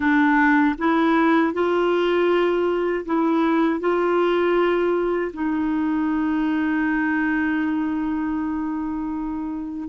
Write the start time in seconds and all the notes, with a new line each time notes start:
0.00 D4
0.78 E4
1.53 F4
3.06 E4
3.79 F4
5.33 D#4